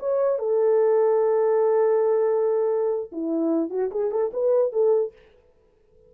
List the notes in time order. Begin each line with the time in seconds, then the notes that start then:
0.00 C#5
0.39 A4
3.12 E4
3.70 F#4
3.92 G#4
4.11 A4
4.34 B4
4.73 A4